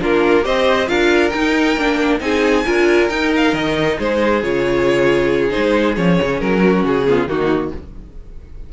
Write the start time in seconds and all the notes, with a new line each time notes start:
0.00 A#3 D4 F4 A#4
0.43 C4 G4 C5 D#5
0.87 D4 F4 A#4 F5
1.30 D#4 G5
1.77 A#3 D4
2.20 C4 D#4 G#4 G#5
2.65 D4 F4 A#4
3.10 D#4 G5
3.37 F5
3.54 D#3 D#5
3.98 G#3 G#4 C5
4.43 C#3 F4 C#5
5.50 D#4 C5
5.57 G#3
5.96 F3 C#4 C#5
6.23 C#3
6.41 F#3 A#4
6.64 F#4
6.84 C#3 G#4
7.07 B3 F4
7.28 D#3 A#3 D#4 F#4